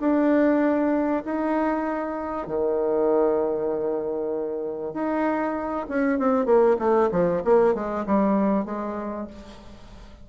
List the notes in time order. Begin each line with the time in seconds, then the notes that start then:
0.00 D4
1.25 D#4
2.47 D#3
4.94 D#4
5.89 C#4
6.19 C4
6.46 A#3
6.79 A3
7.11 F3
7.45 A#3
7.74 G#3
8.06 G3
8.65 G#3